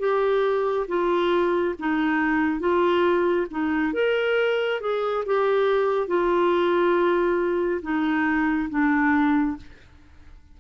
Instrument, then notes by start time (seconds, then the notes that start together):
clarinet
0.00 G4
0.88 F4
1.79 D#4
2.60 F4
3.51 D#4
3.94 A#4
4.81 G#4
5.26 G4
6.08 F4
7.83 D#4
8.70 D4